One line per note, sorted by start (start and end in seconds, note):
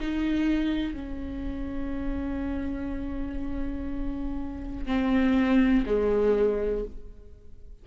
0.00 0.93 D#4
0.93 4.86 C#4
4.86 5.84 C4
5.86 6.85 G#3